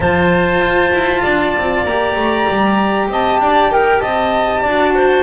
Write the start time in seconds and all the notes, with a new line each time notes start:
0.00 F3 F4 C5 A5
0.60 F4
0.91 E4
1.22 D4 D5
1.57 C4
1.84 A#3 G4 A#5
2.15 A3
2.49 G3
3.09 C4 D#5 A5
3.40 D4 D5
3.69 D#4 A#4 G5
3.99 C4 D#5 A5
4.61 D4 D5
4.67 F#4
4.95 C5